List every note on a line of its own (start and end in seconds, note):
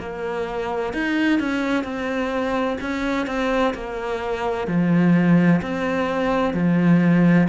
0.00 0.94 A#3
0.94 1.40 D#4
1.40 1.84 C#4
1.84 2.78 C4
2.81 3.27 C#4
3.27 3.74 C4
3.75 4.68 A#3
4.68 5.62 F3
5.62 6.55 C4
6.55 7.48 F3